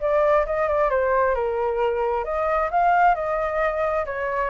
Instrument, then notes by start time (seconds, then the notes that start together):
flute
0.00 D5
0.46 D#5
0.68 D5
0.90 C5
1.35 A#4
2.24 D#5
2.70 F5
3.15 D#5
4.05 C#5